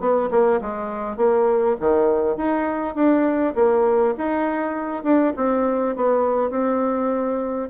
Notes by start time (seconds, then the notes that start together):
0.00 B3
0.31 A#3
0.62 G#3
1.17 A#3
1.80 D#3
2.37 D#4
2.95 D4
3.55 A#3
4.17 D#4
5.04 D4
5.37 C4
5.96 B3
6.50 C4